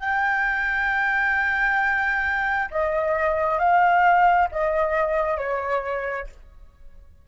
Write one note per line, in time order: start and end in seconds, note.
0.00 2.69 G5
2.71 3.59 D#5
3.59 4.48 F5
4.51 5.37 D#5
5.37 6.27 C#5